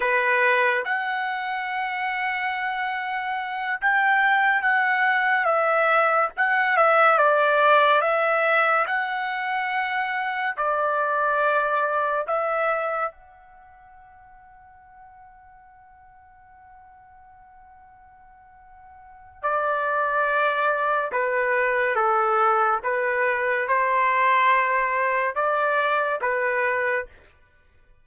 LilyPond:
\new Staff \with { instrumentName = "trumpet" } { \time 4/4 \tempo 4 = 71 b'4 fis''2.~ | fis''8 g''4 fis''4 e''4 fis''8 | e''8 d''4 e''4 fis''4.~ | fis''8 d''2 e''4 fis''8~ |
fis''1~ | fis''2. d''4~ | d''4 b'4 a'4 b'4 | c''2 d''4 b'4 | }